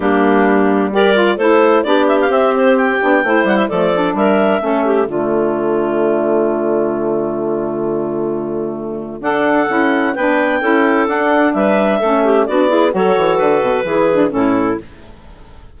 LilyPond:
<<
  \new Staff \with { instrumentName = "clarinet" } { \time 4/4 \tempo 4 = 130 g'2 d''4 c''4 | d''8 e''16 f''16 e''8 c''8 g''4. fis''16 e''16 | d''4 e''2 d''4~ | d''1~ |
d''1 | fis''2 g''2 | fis''4 e''2 d''4 | cis''4 b'2 a'4 | }
  \new Staff \with { instrumentName = "clarinet" } { \time 4/4 d'2 ais'4 a'4 | g'2. c''4 | a'4 ais'4 a'8 g'8 f'4~ | f'1~ |
f'1 | a'2 b'4 a'4~ | a'4 b'4 a'8 g'8 fis'8 gis'8 | a'2 gis'4 e'4 | }
  \new Staff \with { instrumentName = "saxophone" } { \time 4/4 ais2 g'8 f'8 e'4 | d'4 c'4. d'8 e'4 | a8 d'4. cis'4 a4~ | a1~ |
a1 | d'4 e'4 d'4 e'4 | d'2 cis'4 d'8 e'8 | fis'2 e'8 d'8 cis'4 | }
  \new Staff \with { instrumentName = "bassoon" } { \time 4/4 g2. a4 | b4 c'4. b8 a8 g8 | f4 g4 a4 d4~ | d1~ |
d1 | d'4 cis'4 b4 cis'4 | d'4 g4 a4 b4 | fis8 e8 d8 b,8 e4 a,4 | }
>>